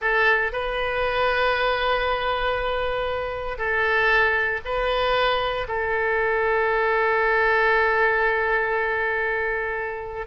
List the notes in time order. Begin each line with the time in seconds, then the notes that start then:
0.01 A4
0.52 B4
3.58 A4
4.64 B4
5.68 A4